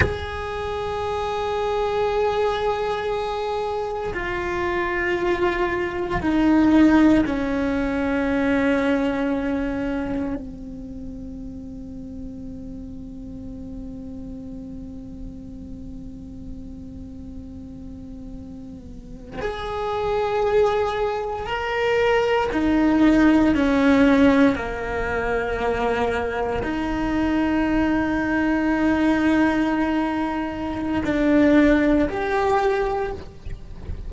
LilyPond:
\new Staff \with { instrumentName = "cello" } { \time 4/4 \tempo 4 = 58 gis'1 | f'2 dis'4 cis'4~ | cis'2 c'2~ | c'1~ |
c'2~ c'8. gis'4~ gis'16~ | gis'8. ais'4 dis'4 cis'4 ais16~ | ais4.~ ais16 dis'2~ dis'16~ | dis'2 d'4 g'4 | }